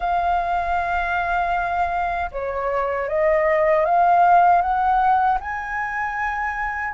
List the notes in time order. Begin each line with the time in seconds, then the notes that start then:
0.00 F5
2.31 C#5
3.08 D#5
3.85 F5
4.61 F#5
5.40 G#5